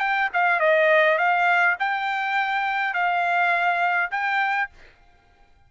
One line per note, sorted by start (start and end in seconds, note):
0.00 0.29 G5
0.34 0.60 F5
0.60 1.18 D#5
1.18 1.77 F5
1.80 2.94 G5
2.94 4.10 F5
4.11 4.69 G5